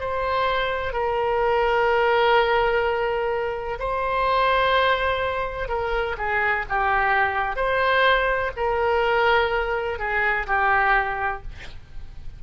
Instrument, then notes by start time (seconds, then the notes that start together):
oboe
0.00 C5
0.93 A#4
3.79 C5
5.68 A#4
6.18 G#4
6.69 G4
7.56 C5
8.56 A#4
9.99 G#4
10.47 G4